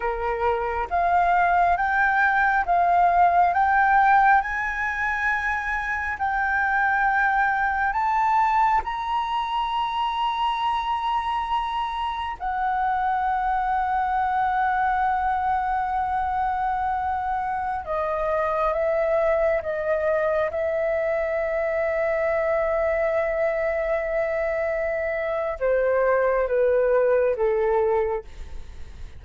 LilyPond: \new Staff \with { instrumentName = "flute" } { \time 4/4 \tempo 4 = 68 ais'4 f''4 g''4 f''4 | g''4 gis''2 g''4~ | g''4 a''4 ais''2~ | ais''2 fis''2~ |
fis''1~ | fis''16 dis''4 e''4 dis''4 e''8.~ | e''1~ | e''4 c''4 b'4 a'4 | }